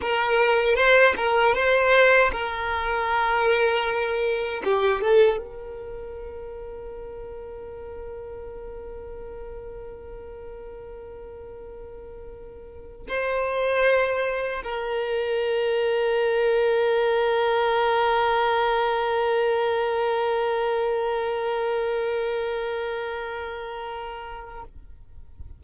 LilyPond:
\new Staff \with { instrumentName = "violin" } { \time 4/4 \tempo 4 = 78 ais'4 c''8 ais'8 c''4 ais'4~ | ais'2 g'8 a'8 ais'4~ | ais'1~ | ais'1~ |
ais'4 c''2 ais'4~ | ais'1~ | ais'1~ | ais'1 | }